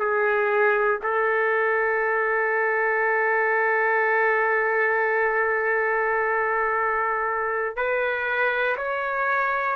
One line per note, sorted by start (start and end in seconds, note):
0.00 1.00 G#4
1.03 7.76 A4
7.76 8.76 B4
8.77 9.76 C#5